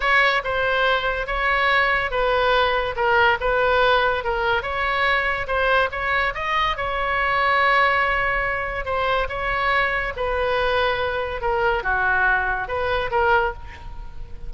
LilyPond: \new Staff \with { instrumentName = "oboe" } { \time 4/4 \tempo 4 = 142 cis''4 c''2 cis''4~ | cis''4 b'2 ais'4 | b'2 ais'4 cis''4~ | cis''4 c''4 cis''4 dis''4 |
cis''1~ | cis''4 c''4 cis''2 | b'2. ais'4 | fis'2 b'4 ais'4 | }